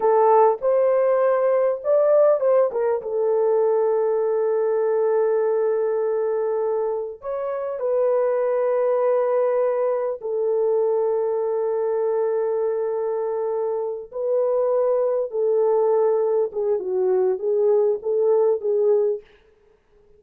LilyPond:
\new Staff \with { instrumentName = "horn" } { \time 4/4 \tempo 4 = 100 a'4 c''2 d''4 | c''8 ais'8 a'2.~ | a'1 | cis''4 b'2.~ |
b'4 a'2.~ | a'2.~ a'8 b'8~ | b'4. a'2 gis'8 | fis'4 gis'4 a'4 gis'4 | }